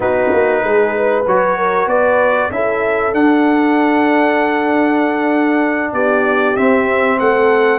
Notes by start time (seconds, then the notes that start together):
0.00 B3 D#4 F#4 B4
0.32 A#3
0.63 G#3 G#4
0.96 B4
1.27 F#3 F#4 C#5
1.57 A#4
1.86 B3 B4 D5
2.50 C#4 E4 A4 E5
3.13 D4 F#5
5.92 B3 G4 D5
6.56 C4 E5
7.19 A3 A4 F#5